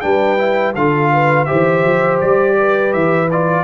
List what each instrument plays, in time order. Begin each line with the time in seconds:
0.00 tuba G3, trombone D4, horn B4, trumpet G5
0.37 trombone E4
0.75 tuba D3, trombone F4, horn A4, trumpet F5
1.12 horn B4
1.45 tuba E3, trombone G4, horn C5, trumpet E5
1.84 tuba F3
2.20 tuba G3, trumpet D5
2.58 horn B4
2.93 tuba E3, trumpet E5
3.30 trombone F4, trumpet D5